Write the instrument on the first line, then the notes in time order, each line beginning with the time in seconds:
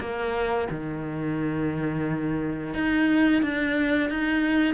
cello
0.00 A#3
0.70 D#3
2.74 D#4
3.42 D4
4.09 D#4